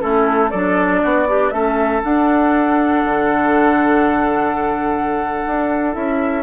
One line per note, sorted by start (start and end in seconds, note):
0.00 0.53 A3
0.00 0.50 C#4
0.00 0.51 E4
0.00 0.51 A4
0.51 1.03 F#3
0.51 1.28 D4
0.51 1.01 A4
0.51 1.51 D5
1.03 1.51 B3
1.03 1.28 F#4
1.28 1.53 D4
1.28 1.53 G4
1.51 2.02 A3
1.51 2.03 C#4
1.51 6.43 A4
1.51 2.01 E5
2.04 5.93 D4
2.04 3.05 D4
2.04 5.95 F#5
3.05 5.45 D3
5.47 5.96 D4
5.93 6.43 C#4
5.93 6.43 E4
5.93 6.43 E5